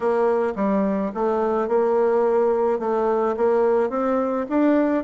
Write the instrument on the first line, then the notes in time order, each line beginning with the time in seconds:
bassoon
0.00 A#3
0.55 G3
1.14 A3
1.68 A#3
2.79 A3
3.36 A#3
3.89 C4
4.49 D4